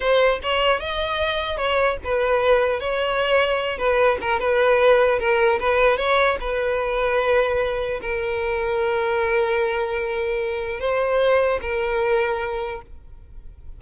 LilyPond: \new Staff \with { instrumentName = "violin" } { \time 4/4 \tempo 4 = 150 c''4 cis''4 dis''2 | cis''4 b'2 cis''4~ | cis''4. b'4 ais'8 b'4~ | b'4 ais'4 b'4 cis''4 |
b'1 | ais'1~ | ais'2. c''4~ | c''4 ais'2. | }